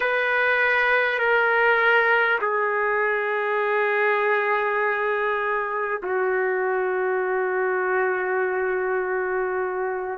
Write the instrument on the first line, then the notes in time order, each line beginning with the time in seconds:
trumpet
0.00 B4
1.18 A#4
2.41 G#4
6.03 F#4